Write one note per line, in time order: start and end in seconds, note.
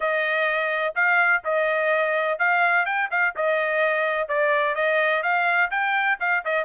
0.00 0.94 D#5
0.95 1.42 F5
1.44 2.39 D#5
2.39 2.85 F5
2.85 3.09 G5
3.10 3.34 F5
3.36 4.28 D#5
4.28 4.75 D5
4.75 5.23 D#5
5.23 5.70 F5
5.70 6.18 G5
6.20 6.44 F5
6.44 6.64 D#5